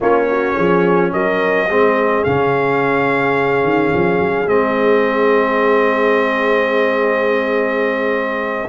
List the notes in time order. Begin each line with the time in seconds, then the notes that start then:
0.00 A#3 C#4 F4 C#5
0.30 F#4
0.56 F3 G#4
1.12 F#3 A#4 D#5
1.69 G#3 C4 G#4
2.24 C#3 C#4 F5
3.63 D#3
3.93 F3
4.19 F#3
4.46 G#3 C4 D#5